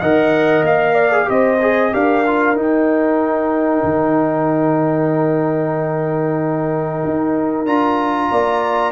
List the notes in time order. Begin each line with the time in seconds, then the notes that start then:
0.00 D#3 A#4 D#5 F#5
0.61 A#3 F5
0.94 D5
1.11 G#4
1.25 C4 G4 C5 D#5
1.61 G#4
1.92 D4 G4 A#4 F5
2.26 F4
2.55 D#4 G5
3.83 D#3
7.04 D#4
7.65 D4 F4 A#5
8.30 A#3 D5